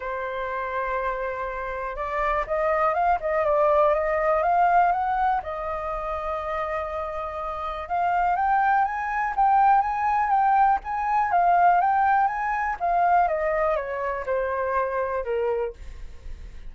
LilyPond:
\new Staff \with { instrumentName = "flute" } { \time 4/4 \tempo 4 = 122 c''1 | d''4 dis''4 f''8 dis''8 d''4 | dis''4 f''4 fis''4 dis''4~ | dis''1 |
f''4 g''4 gis''4 g''4 | gis''4 g''4 gis''4 f''4 | g''4 gis''4 f''4 dis''4 | cis''4 c''2 ais'4 | }